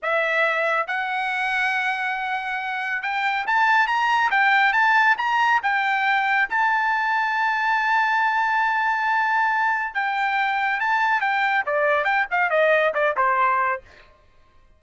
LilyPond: \new Staff \with { instrumentName = "trumpet" } { \time 4/4 \tempo 4 = 139 e''2 fis''2~ | fis''2. g''4 | a''4 ais''4 g''4 a''4 | ais''4 g''2 a''4~ |
a''1~ | a''2. g''4~ | g''4 a''4 g''4 d''4 | g''8 f''8 dis''4 d''8 c''4. | }